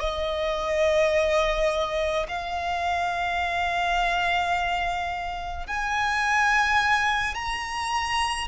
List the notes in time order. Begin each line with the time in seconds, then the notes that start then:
0.00 D#5
2.28 F5
5.67 G#5
7.34 A#5